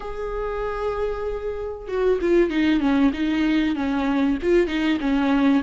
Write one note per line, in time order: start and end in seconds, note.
0.00 1.88 G#4
1.88 2.19 F#4
2.21 2.49 F4
2.49 2.80 D#4
2.80 3.11 C#4
3.12 3.75 D#4
3.75 4.38 C#4
4.42 4.67 F4
4.67 4.98 D#4
5.00 5.62 C#4